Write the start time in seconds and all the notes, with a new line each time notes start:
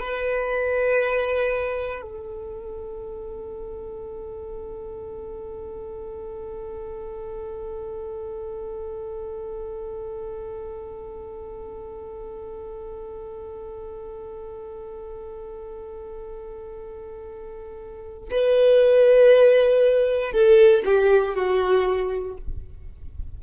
0.00 B4
2.02 A4
18.31 B4
20.33 A4
20.85 G4
21.35 F#4